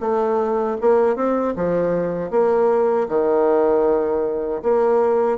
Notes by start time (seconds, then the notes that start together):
0.00 A3
0.81 A#3
1.16 C4
1.56 F3
2.30 A#3
3.08 D#3
4.63 A#3